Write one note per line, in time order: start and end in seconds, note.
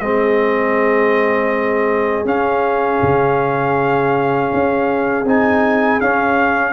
0.00 2.25 G#3
0.00 2.25 C4
0.00 6.73 G#4
0.00 2.25 D#5
2.25 3.00 C#4
2.25 5.25 C#4
2.25 5.28 F5
3.02 4.52 C#3
4.54 5.25 C#4
5.25 6.00 C4
5.25 6.01 D#4
5.25 6.00 G#5
6.00 6.73 C#4
6.00 6.73 F5